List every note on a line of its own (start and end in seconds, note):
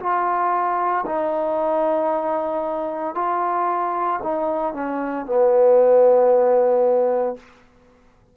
0.00 1.05 F4
1.07 3.15 D#4
3.15 4.21 F4
4.24 4.74 D#4
4.74 5.27 C#4
5.27 7.37 B3